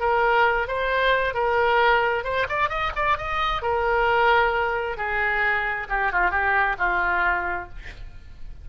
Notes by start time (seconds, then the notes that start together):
0.00 A#4
0.67 C5
1.34 A#4
2.24 C5
2.49 D5
2.69 D#5
2.95 D5
3.18 D#5
3.62 A#4
4.97 G#4
5.89 G4
6.12 F4
6.31 G4
6.78 F4